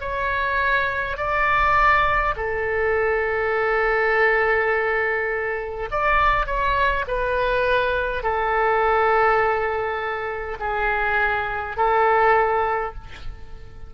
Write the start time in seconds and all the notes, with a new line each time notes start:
0.00 C#5
1.17 D5
2.36 A4
5.91 D5
6.46 C#5
7.07 B4
8.23 A4
10.59 G#4
11.76 A4